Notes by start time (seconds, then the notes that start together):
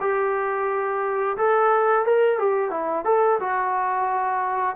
0.00 G4
1.37 A4
2.05 A#4
2.39 G4
2.70 E4
3.05 A4
3.40 F#4